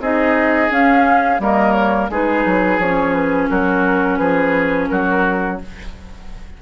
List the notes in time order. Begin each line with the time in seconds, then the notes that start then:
0.00 C4 D#4 G#4 D#5
0.70 C#4 F5
1.40 G3 A#3 A#4 D#5
1.72 C#5
2.10 G#3 D#4 G#4 B4
2.45 F#3
2.78 F3 C#4 C#5
3.14 B4
3.50 F#3 F#4 A#4
4.17 F3 G#4 B4
4.88 F#3 F#4 A#4